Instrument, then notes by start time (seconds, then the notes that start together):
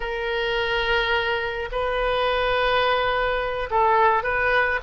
oboe
0.00 A#4
1.71 B4
3.70 A4
4.23 B4